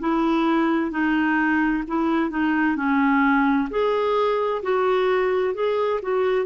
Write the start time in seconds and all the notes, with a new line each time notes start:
0.00 E4
0.91 D#4
1.88 E4
2.30 D#4
2.77 C#4
3.70 G#4
4.63 F#4
5.54 G#4
6.03 F#4